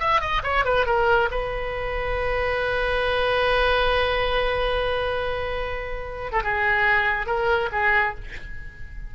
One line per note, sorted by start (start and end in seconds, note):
0.00 0.21 E5
0.21 0.42 D#5
0.44 0.65 C#5
0.65 0.87 B4
0.87 1.30 A#4
1.31 6.32 B4
6.32 6.43 A4
6.43 7.27 G#4
7.27 7.69 A#4
7.73 8.15 G#4